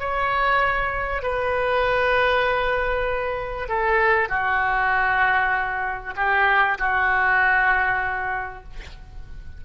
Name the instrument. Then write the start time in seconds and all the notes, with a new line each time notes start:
oboe
0.00 C#5
1.23 B4
3.69 A4
4.29 F#4
6.16 G4
6.78 F#4